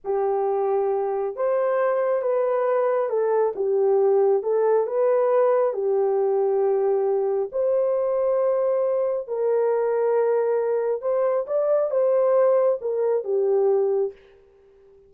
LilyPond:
\new Staff \with { instrumentName = "horn" } { \time 4/4 \tempo 4 = 136 g'2. c''4~ | c''4 b'2 a'4 | g'2 a'4 b'4~ | b'4 g'2.~ |
g'4 c''2.~ | c''4 ais'2.~ | ais'4 c''4 d''4 c''4~ | c''4 ais'4 g'2 | }